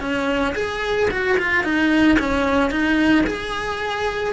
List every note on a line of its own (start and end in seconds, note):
0.00 0.54 C#4
0.55 1.09 G#4
1.10 1.37 F#4
1.37 1.63 F4
1.63 2.17 D#4
2.19 2.70 C#4
2.70 3.24 D#4
3.26 4.33 G#4